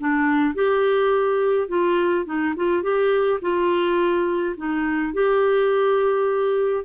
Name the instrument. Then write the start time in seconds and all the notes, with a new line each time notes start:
clarinet
0.00 D4
0.55 G4
1.68 F4
2.25 D#4
2.56 F4
2.83 G4
3.41 F4
4.57 D#4
5.13 G4